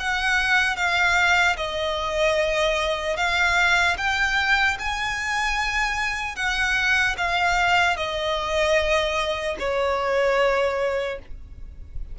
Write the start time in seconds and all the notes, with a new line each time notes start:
0.00 F#5
0.76 F5
1.57 D#5
3.17 F5
3.98 G5
4.80 G#5
6.36 F#5
7.18 F5
7.97 D#5
9.60 C#5